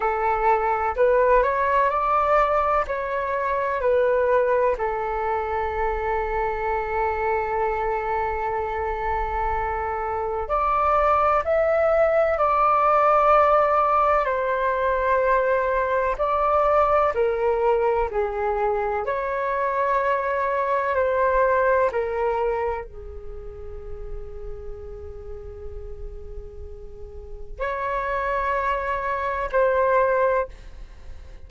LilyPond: \new Staff \with { instrumentName = "flute" } { \time 4/4 \tempo 4 = 63 a'4 b'8 cis''8 d''4 cis''4 | b'4 a'2.~ | a'2. d''4 | e''4 d''2 c''4~ |
c''4 d''4 ais'4 gis'4 | cis''2 c''4 ais'4 | gis'1~ | gis'4 cis''2 c''4 | }